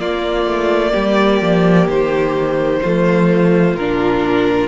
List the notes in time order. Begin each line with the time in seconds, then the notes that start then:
0.00 A#3 F4 D5
0.45 A3
0.92 G3 G4
1.41 F3
1.89 D#3 C5
2.82 F3 A3 F4
3.75 A#2 D4 A#4